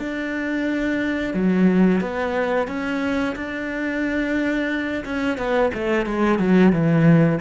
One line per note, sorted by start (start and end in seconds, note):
0.00 1.35 D4
1.35 2.01 F#3
2.01 2.68 B3
2.68 3.36 C#4
3.36 5.04 D4
5.05 5.38 C#4
5.38 5.72 B3
5.74 6.06 A3
6.06 6.39 G#3
6.39 6.73 F#3
6.73 7.40 E3